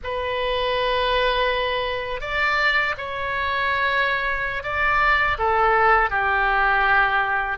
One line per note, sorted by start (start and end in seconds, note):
0.03 2.20 B4
2.20 2.95 D5
2.97 4.63 C#5
4.63 5.37 D5
5.38 6.09 A4
6.09 7.58 G4